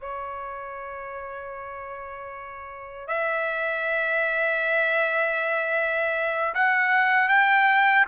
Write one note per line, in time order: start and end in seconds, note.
0.00 3.07 C#5
3.07 6.53 E5
6.54 7.28 F#5
7.28 8.05 G5